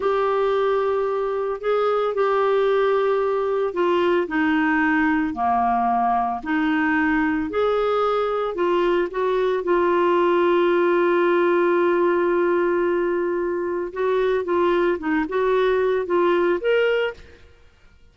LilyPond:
\new Staff \with { instrumentName = "clarinet" } { \time 4/4 \tempo 4 = 112 g'2. gis'4 | g'2. f'4 | dis'2 ais2 | dis'2 gis'2 |
f'4 fis'4 f'2~ | f'1~ | f'2 fis'4 f'4 | dis'8 fis'4. f'4 ais'4 | }